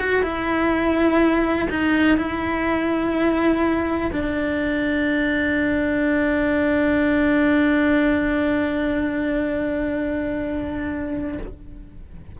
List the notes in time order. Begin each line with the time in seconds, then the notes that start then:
0.00 F#4
0.23 E4
1.70 D#4
2.18 E4
4.13 D4